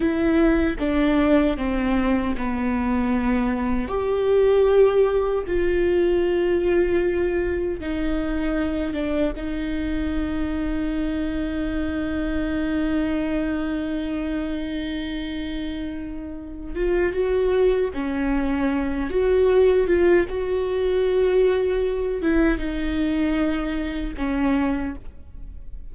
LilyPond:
\new Staff \with { instrumentName = "viola" } { \time 4/4 \tempo 4 = 77 e'4 d'4 c'4 b4~ | b4 g'2 f'4~ | f'2 dis'4. d'8 | dis'1~ |
dis'1~ | dis'4. f'8 fis'4 cis'4~ | cis'8 fis'4 f'8 fis'2~ | fis'8 e'8 dis'2 cis'4 | }